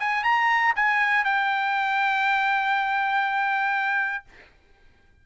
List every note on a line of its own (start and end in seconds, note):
0.00 0.24 G#5
0.24 0.74 A#5
0.76 1.25 G#5
1.25 4.25 G5